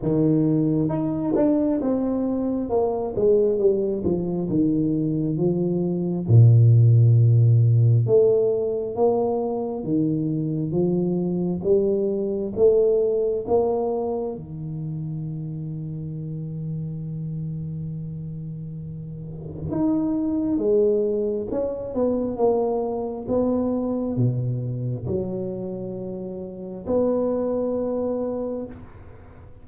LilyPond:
\new Staff \with { instrumentName = "tuba" } { \time 4/4 \tempo 4 = 67 dis4 dis'8 d'8 c'4 ais8 gis8 | g8 f8 dis4 f4 ais,4~ | ais,4 a4 ais4 dis4 | f4 g4 a4 ais4 |
dis1~ | dis2 dis'4 gis4 | cis'8 b8 ais4 b4 b,4 | fis2 b2 | }